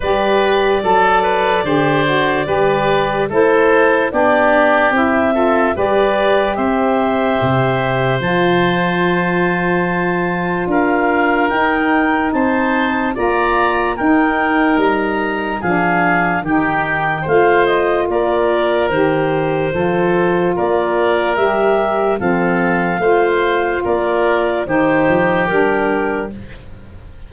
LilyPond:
<<
  \new Staff \with { instrumentName = "clarinet" } { \time 4/4 \tempo 4 = 73 d''1 | c''4 d''4 e''4 d''4 | e''2 a''2~ | a''4 f''4 g''4 a''4 |
ais''4 g''4 ais''4 f''4 | g''4 f''8 dis''8 d''4 c''4~ | c''4 d''4 e''4 f''4~ | f''4 d''4 c''4 ais'4 | }
  \new Staff \with { instrumentName = "oboe" } { \time 4/4 b'4 a'8 b'8 c''4 b'4 | a'4 g'4. a'8 b'4 | c''1~ | c''4 ais'2 c''4 |
d''4 ais'2 gis'4 | g'4 c''4 ais'2 | a'4 ais'2 a'4 | c''4 ais'4 g'2 | }
  \new Staff \with { instrumentName = "saxophone" } { \time 4/4 g'4 a'4 g'8 fis'8 g'4 | e'4 d'4 e'8 f'8 g'4~ | g'2 f'2~ | f'2 dis'2 |
f'4 dis'2 d'4 | dis'4 f'2 g'4 | f'2 g'4 c'4 | f'2 dis'4 d'4 | }
  \new Staff \with { instrumentName = "tuba" } { \time 4/4 g4 fis4 d4 g4 | a4 b4 c'4 g4 | c'4 c4 f2~ | f4 d'4 dis'4 c'4 |
ais4 dis'4 g4 f4 | dis4 a4 ais4 dis4 | f4 ais4 g4 f4 | a4 ais4 dis8 f8 g4 | }
>>